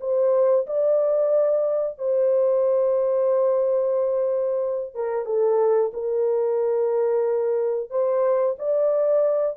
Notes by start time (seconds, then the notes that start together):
0.00 C5
0.66 D5
1.98 C5
4.94 A#4
5.25 A4
5.93 A#4
7.90 C5
8.58 D5